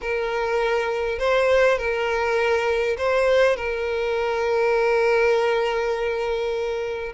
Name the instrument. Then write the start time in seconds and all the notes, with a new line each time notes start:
violin
0.01 A#4
1.19 C5
1.78 A#4
2.97 C5
3.56 A#4